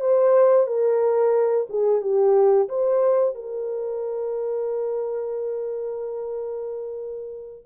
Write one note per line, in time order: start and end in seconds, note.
0.00 0.67 C5
0.67 1.67 A#4
1.69 2.02 G#4
2.02 2.68 G4
2.69 3.35 C5
3.35 7.65 A#4